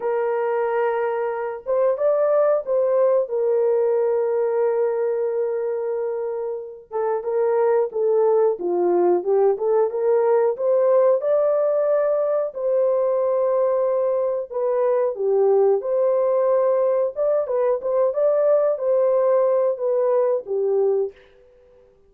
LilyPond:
\new Staff \with { instrumentName = "horn" } { \time 4/4 \tempo 4 = 91 ais'2~ ais'8 c''8 d''4 | c''4 ais'2.~ | ais'2~ ais'8 a'8 ais'4 | a'4 f'4 g'8 a'8 ais'4 |
c''4 d''2 c''4~ | c''2 b'4 g'4 | c''2 d''8 b'8 c''8 d''8~ | d''8 c''4. b'4 g'4 | }